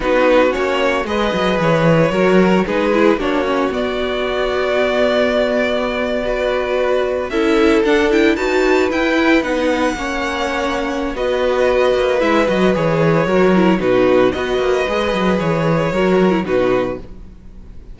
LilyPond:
<<
  \new Staff \with { instrumentName = "violin" } { \time 4/4 \tempo 4 = 113 b'4 cis''4 dis''4 cis''4~ | cis''4 b'4 cis''4 d''4~ | d''1~ | d''4.~ d''16 e''4 fis''8 g''8 a''16~ |
a''8. g''4 fis''2~ fis''16~ | fis''4 dis''2 e''8 dis''8 | cis''2 b'4 dis''4~ | dis''4 cis''2 b'4 | }
  \new Staff \with { instrumentName = "violin" } { \time 4/4 fis'2 b'2 | ais'4 gis'4 fis'2~ | fis'2.~ fis'8. b'16~ | b'4.~ b'16 a'2 b'16~ |
b'2~ b'8. cis''4~ cis''16~ | cis''4 b'2.~ | b'4 ais'4 fis'4 b'4~ | b'2 ais'4 fis'4 | }
  \new Staff \with { instrumentName = "viola" } { \time 4/4 dis'4 cis'4 gis'2 | fis'4 dis'8 e'8 d'8 cis'8 b4~ | b2.~ b8. fis'16~ | fis'4.~ fis'16 e'4 d'8 e'8 fis'16~ |
fis'8. e'4 dis'4 cis'4~ cis'16~ | cis'4 fis'2 e'8 fis'8 | gis'4 fis'8 e'8 dis'4 fis'4 | gis'2 fis'8. e'16 dis'4 | }
  \new Staff \with { instrumentName = "cello" } { \time 4/4 b4 ais4 gis8 fis8 e4 | fis4 gis4 ais4 b4~ | b1~ | b4.~ b16 cis'4 d'4 dis'16~ |
dis'8. e'4 b4 ais4~ ais16~ | ais4 b4. ais8 gis8 fis8 | e4 fis4 b,4 b8 ais8 | gis8 fis8 e4 fis4 b,4 | }
>>